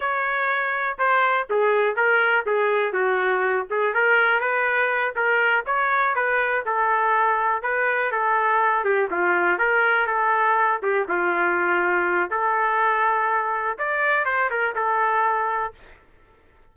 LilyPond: \new Staff \with { instrumentName = "trumpet" } { \time 4/4 \tempo 4 = 122 cis''2 c''4 gis'4 | ais'4 gis'4 fis'4. gis'8 | ais'4 b'4. ais'4 cis''8~ | cis''8 b'4 a'2 b'8~ |
b'8 a'4. g'8 f'4 ais'8~ | ais'8 a'4. g'8 f'4.~ | f'4 a'2. | d''4 c''8 ais'8 a'2 | }